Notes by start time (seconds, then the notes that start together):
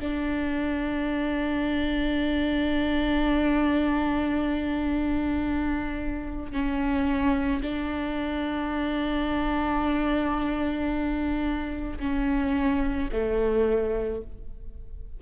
0.00 D4
6.53 C#4
7.62 D4
12.00 C#4
13.13 A3